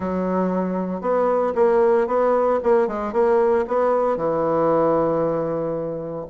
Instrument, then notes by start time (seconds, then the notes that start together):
bassoon
0.00 F#3
1.01 B3
1.55 A#3
2.07 B3
2.63 A#3
2.87 G#3
3.13 A#3
3.67 B3
4.16 E3